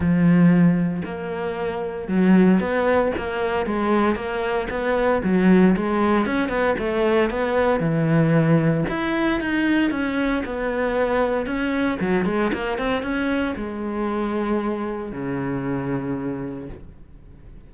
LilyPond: \new Staff \with { instrumentName = "cello" } { \time 4/4 \tempo 4 = 115 f2 ais2 | fis4 b4 ais4 gis4 | ais4 b4 fis4 gis4 | cis'8 b8 a4 b4 e4~ |
e4 e'4 dis'4 cis'4 | b2 cis'4 fis8 gis8 | ais8 c'8 cis'4 gis2~ | gis4 cis2. | }